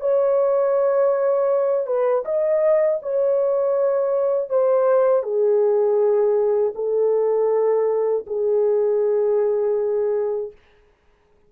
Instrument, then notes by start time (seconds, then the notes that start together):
horn
0.00 C#5
1.86 B4
2.25 D#5
3.02 C#5
4.49 C5
5.23 G#4
6.75 A4
8.27 G#4